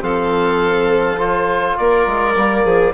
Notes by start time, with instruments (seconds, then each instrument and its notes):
0.00 bassoon F3, trombone C4, violin A4, oboe F5
1.18 trombone F4, oboe C5
1.77 bassoon A#3, violin A#4, oboe D5
2.06 bassoon G#3
2.36 bassoon G3, trombone A#3
2.64 bassoon F3, violin G#4